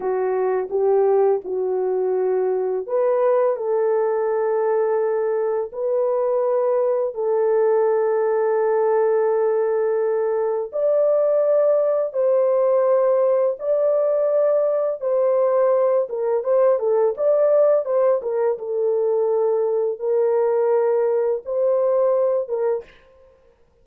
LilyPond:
\new Staff \with { instrumentName = "horn" } { \time 4/4 \tempo 4 = 84 fis'4 g'4 fis'2 | b'4 a'2. | b'2 a'2~ | a'2. d''4~ |
d''4 c''2 d''4~ | d''4 c''4. ais'8 c''8 a'8 | d''4 c''8 ais'8 a'2 | ais'2 c''4. ais'8 | }